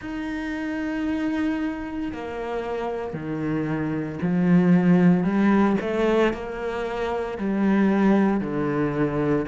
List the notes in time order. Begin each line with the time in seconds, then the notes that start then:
0.01 D#4
2.12 A#3
3.13 D#3
4.22 F3
5.23 G3
5.80 A3
6.33 A#3
7.38 G3
8.40 D3